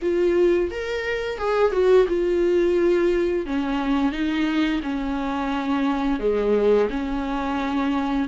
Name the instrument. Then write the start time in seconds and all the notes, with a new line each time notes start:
viola
0.02 F4
0.71 A#4
1.38 G#4
1.71 F#4
2.08 F4
3.45 C#4
4.12 D#4
4.82 C#4
6.19 G#3
6.90 C#4